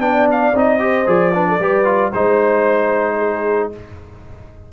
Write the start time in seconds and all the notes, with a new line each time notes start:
0.00 B3 D4 D5 G5
0.31 F5
0.54 C4 D#4 D#5
0.79 G4 C5
1.06 F3 G#4 D5
1.34 D4 B4
1.49 A4
1.60 G3 G4 B4
1.85 F4
2.12 G#3 D#4 C5
3.18 G#4